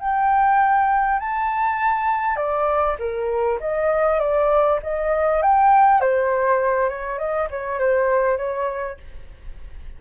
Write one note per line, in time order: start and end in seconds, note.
0.00 1.20 G5
1.20 2.37 A5
2.37 2.97 D5
2.99 3.59 A#4
3.61 4.20 D#5
4.20 4.80 D5
4.83 5.42 D#5
5.42 6.01 G5
6.01 6.89 C5
6.89 7.19 C#5
7.19 7.49 D#5
7.51 7.79 C#5
7.79 8.38 C5
8.38 8.98 C#5